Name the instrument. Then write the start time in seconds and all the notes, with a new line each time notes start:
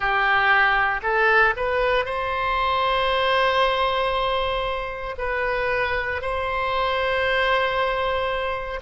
oboe
0.00 G4
1.03 A4
1.56 B4
2.05 C5
5.18 B4
6.21 C5